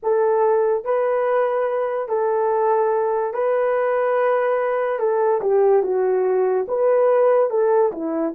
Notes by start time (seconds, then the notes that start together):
0.02 A4
0.84 B4
2.08 A4
3.33 B4
4.98 A4
5.41 G4
5.82 F#4
6.68 B4
7.50 A4
7.92 E4